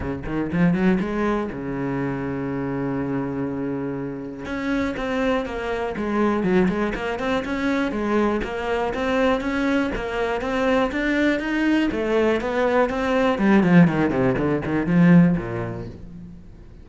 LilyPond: \new Staff \with { instrumentName = "cello" } { \time 4/4 \tempo 4 = 121 cis8 dis8 f8 fis8 gis4 cis4~ | cis1~ | cis4 cis'4 c'4 ais4 | gis4 fis8 gis8 ais8 c'8 cis'4 |
gis4 ais4 c'4 cis'4 | ais4 c'4 d'4 dis'4 | a4 b4 c'4 g8 f8 | dis8 c8 d8 dis8 f4 ais,4 | }